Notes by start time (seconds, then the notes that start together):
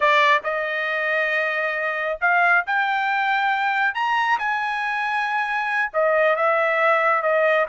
0.00 D5
0.43 D#5
2.20 F5
2.66 G5
3.94 A#5
4.38 G#5
5.93 D#5
6.35 E5
7.22 D#5